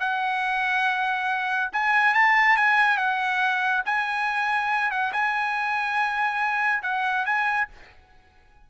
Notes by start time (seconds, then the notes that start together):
0.00 F#5
1.73 G#5
2.14 A5
2.56 G#5
2.97 F#5
3.85 G#5
4.91 F#5
5.13 G#5
6.83 F#5
7.25 G#5